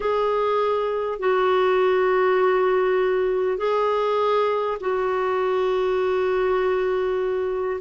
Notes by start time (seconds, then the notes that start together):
0.00 G#4
1.19 F#4
3.57 G#4
4.80 F#4